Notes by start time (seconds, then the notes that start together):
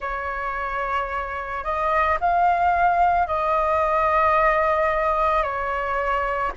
0.00 C#5
1.64 D#5
2.20 F5
3.27 D#5
5.42 C#5